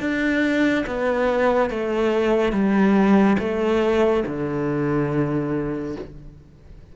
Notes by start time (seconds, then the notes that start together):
0.00 D4
0.86 B3
1.70 A3
2.52 G3
3.39 A3
4.26 D3